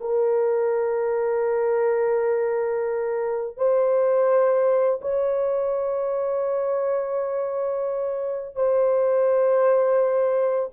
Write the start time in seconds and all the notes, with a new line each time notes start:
0.00 A#4
3.57 C5
5.01 C#5
8.55 C5